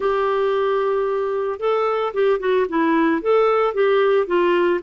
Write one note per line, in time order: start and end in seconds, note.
0.00 1.59 G4
1.59 2.13 A4
2.13 2.39 G4
2.39 2.66 F#4
2.68 3.21 E4
3.21 3.74 A4
3.74 4.27 G4
4.27 4.80 F4